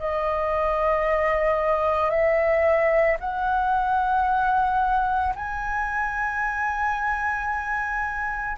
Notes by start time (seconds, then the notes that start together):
0.00 D#5
2.10 E5
3.20 F#5
5.36 G#5